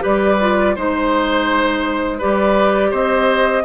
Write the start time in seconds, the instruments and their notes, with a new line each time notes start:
0.00 bassoon G3, clarinet G4, oboe B4, flute D5
0.41 clarinet F4
0.76 bassoon G#3, clarinet D#4, oboe C5, flute C5
2.19 bassoon G3, clarinet G4, oboe B4, flute D5
2.91 bassoon C4, oboe C5, flute D#5